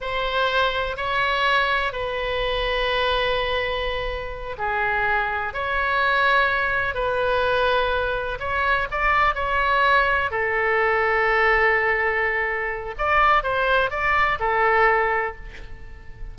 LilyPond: \new Staff \with { instrumentName = "oboe" } { \time 4/4 \tempo 4 = 125 c''2 cis''2 | b'1~ | b'4. gis'2 cis''8~ | cis''2~ cis''8 b'4.~ |
b'4. cis''4 d''4 cis''8~ | cis''4. a'2~ a'8~ | a'2. d''4 | c''4 d''4 a'2 | }